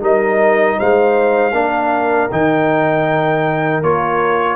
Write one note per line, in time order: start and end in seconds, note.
0.00 0.78 G3
0.00 1.52 D#4
0.00 0.77 A#4
0.00 0.79 D#5
0.78 1.52 G#3
0.78 1.54 C5
0.78 2.31 F5
1.52 2.28 A#3
1.52 2.30 D4
1.52 4.56 A#4
2.31 3.82 D#3
2.31 3.83 D#4
2.31 3.83 G5
3.82 4.56 A#3
3.82 4.56 F4
3.82 4.56 C#5